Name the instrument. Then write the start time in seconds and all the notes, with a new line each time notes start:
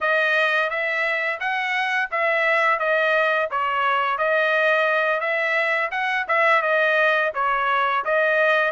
trumpet
0.00 D#5
0.70 E5
1.40 F#5
2.11 E5
2.79 D#5
3.50 C#5
4.17 D#5
5.20 E5
5.91 F#5
6.28 E5
6.62 D#5
7.34 C#5
8.05 D#5